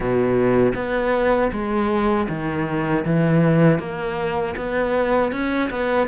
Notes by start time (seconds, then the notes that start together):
0.00 B2
0.75 B3
1.52 G#3
2.29 D#3
3.05 E3
3.79 A#3
4.56 B3
5.32 C#4
5.70 B3